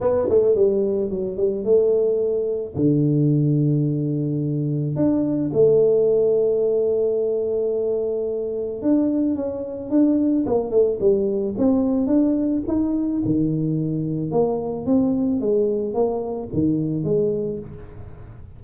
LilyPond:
\new Staff \with { instrumentName = "tuba" } { \time 4/4 \tempo 4 = 109 b8 a8 g4 fis8 g8 a4~ | a4 d2.~ | d4 d'4 a2~ | a1 |
d'4 cis'4 d'4 ais8 a8 | g4 c'4 d'4 dis'4 | dis2 ais4 c'4 | gis4 ais4 dis4 gis4 | }